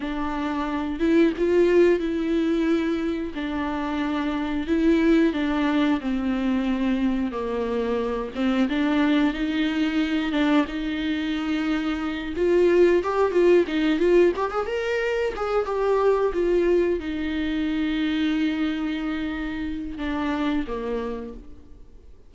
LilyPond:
\new Staff \with { instrumentName = "viola" } { \time 4/4 \tempo 4 = 90 d'4. e'8 f'4 e'4~ | e'4 d'2 e'4 | d'4 c'2 ais4~ | ais8 c'8 d'4 dis'4. d'8 |
dis'2~ dis'8 f'4 g'8 | f'8 dis'8 f'8 g'16 gis'16 ais'4 gis'8 g'8~ | g'8 f'4 dis'2~ dis'8~ | dis'2 d'4 ais4 | }